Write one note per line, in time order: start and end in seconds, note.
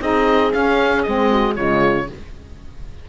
0.00 0.52 C4
0.00 0.52 D#4
0.00 1.31 G#4
0.00 0.53 D#5
0.53 1.04 C#4
0.53 1.06 C#4
0.53 1.02 F5
1.02 1.57 G#3
1.02 1.54 C4
1.02 1.54 D#5
1.31 1.56 F#4
1.54 2.09 C#3
1.54 2.06 G#3
1.54 2.08 F4
1.54 2.07 C#5